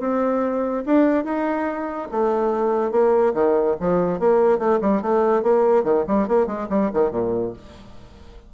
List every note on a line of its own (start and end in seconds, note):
0.00 0.84 C4
0.86 1.24 D4
1.24 2.08 D#4
2.11 2.91 A3
2.91 3.33 A#3
3.34 3.76 D#3
3.80 4.20 F3
4.20 4.58 A#3
4.58 4.79 A3
4.81 5.02 G3
5.02 5.43 A3
5.43 5.84 A#3
5.84 6.05 D#3
6.07 6.28 G3
6.28 6.47 A#3
6.47 6.68 G#3
6.70 6.91 G3
6.93 7.11 D#3
7.11 7.53 A#2